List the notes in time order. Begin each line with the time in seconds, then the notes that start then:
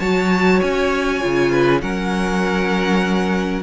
0.00 F#3 F#4 C#5 A5
0.62 C#4 G#5
1.21 C#3 F4
1.51 B4
1.80 F#3 C#4 A#4 F#5